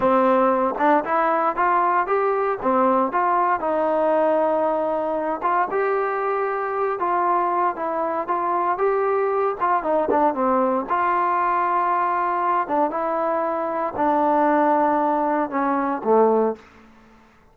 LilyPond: \new Staff \with { instrumentName = "trombone" } { \time 4/4 \tempo 4 = 116 c'4. d'8 e'4 f'4 | g'4 c'4 f'4 dis'4~ | dis'2~ dis'8 f'8 g'4~ | g'4. f'4. e'4 |
f'4 g'4. f'8 dis'8 d'8 | c'4 f'2.~ | f'8 d'8 e'2 d'4~ | d'2 cis'4 a4 | }